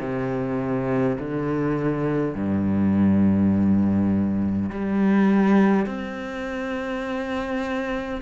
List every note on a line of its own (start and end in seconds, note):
0.00 1.18 C3
1.19 2.35 D3
2.35 4.71 G2
4.71 5.86 G3
5.86 8.21 C4